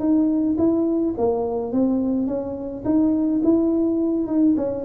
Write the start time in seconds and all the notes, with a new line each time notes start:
0.00 D#4
0.58 E4
1.18 A#3
1.73 C4
2.27 C#4
2.85 D#4
3.44 E4
4.27 D#4
4.57 C#4